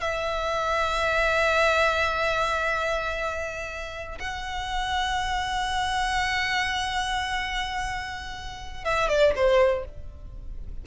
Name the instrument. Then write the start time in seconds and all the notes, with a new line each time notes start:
violin
0.00 E5
4.19 F#5
8.84 E5
9.09 D5
9.35 C5